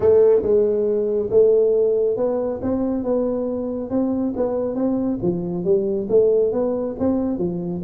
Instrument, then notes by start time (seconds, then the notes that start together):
tuba
0.00 A3
0.42 G#3
1.30 A3
2.16 B3
2.61 C4
3.03 B3
3.90 C4
4.36 B3
4.75 C4
5.22 F3
5.64 G3
6.09 A3
6.52 B3
6.99 C4
7.38 F3